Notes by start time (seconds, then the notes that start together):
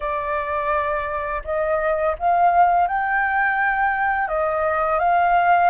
0.00 D5
1.44 D#5
2.18 F5
2.87 G5
4.28 D#5
4.99 F5